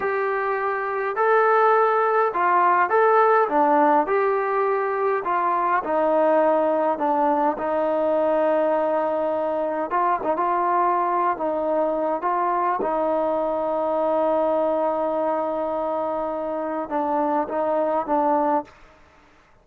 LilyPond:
\new Staff \with { instrumentName = "trombone" } { \time 4/4 \tempo 4 = 103 g'2 a'2 | f'4 a'4 d'4 g'4~ | g'4 f'4 dis'2 | d'4 dis'2.~ |
dis'4 f'8 dis'16 f'4.~ f'16 dis'8~ | dis'4 f'4 dis'2~ | dis'1~ | dis'4 d'4 dis'4 d'4 | }